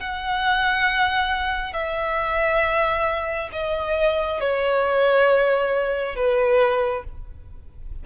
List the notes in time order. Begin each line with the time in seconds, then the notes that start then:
0.00 F#5
1.73 E5
3.52 D#5
4.40 C#5
6.16 B4